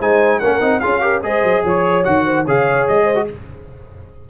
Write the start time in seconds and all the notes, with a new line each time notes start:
0.00 G#3 D#4 C5 G#5
0.40 A#3 C#4 A#4 F#5
0.61 C4 D#4
0.80 C#4 F4 G#4 F5
1.01 G4 A#4
1.23 G#3 G#4 C5 D#5
1.43 F#3
1.64 F3 C#5
2.05 D#3 F#4 F#5
2.25 C5
2.45 C#3 G#4 C#5 F5
2.88 G#3 D#5
3.03 C5
3.15 F#4